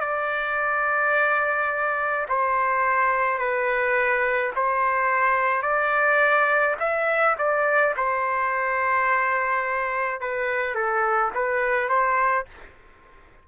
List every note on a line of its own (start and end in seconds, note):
0.00 2.26 D5
2.28 3.38 C5
3.38 4.51 B4
4.55 5.62 C5
5.62 6.75 D5
6.80 7.36 E5
7.38 7.95 D5
7.96 10.20 C5
10.20 10.74 B4
10.74 11.31 A4
11.35 11.89 B4
11.89 12.45 C5